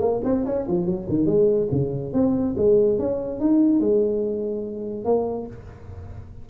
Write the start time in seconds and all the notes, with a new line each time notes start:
0.00 A#3
0.24 C4
0.46 C#4
0.68 F3
0.86 F#3
1.09 D#3
1.26 G#3
1.72 C#3
2.13 C4
2.57 G#3
2.99 C#4
3.40 D#4
3.80 G#3
5.05 A#3